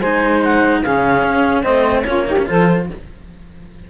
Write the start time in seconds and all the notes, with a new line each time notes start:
0.00 G#3 D#4 C5 G#5
0.44 F#5
0.83 C#3 C#4 G#4 F5
1.24 C#4
1.63 A3 C4 C5 D#5
2.02 C#4 F4 C#5
2.09 A#3
2.27 D#4 G4
2.39 C#4
2.46 F3 F4 A4 C5